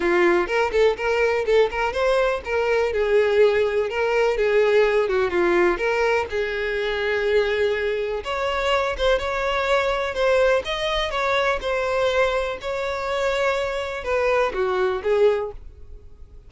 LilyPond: \new Staff \with { instrumentName = "violin" } { \time 4/4 \tempo 4 = 124 f'4 ais'8 a'8 ais'4 a'8 ais'8 | c''4 ais'4 gis'2 | ais'4 gis'4. fis'8 f'4 | ais'4 gis'2.~ |
gis'4 cis''4. c''8 cis''4~ | cis''4 c''4 dis''4 cis''4 | c''2 cis''2~ | cis''4 b'4 fis'4 gis'4 | }